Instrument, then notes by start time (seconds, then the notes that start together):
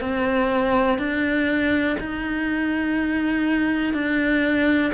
cello
0.00 C4
0.98 D4
1.99 D#4
3.93 D4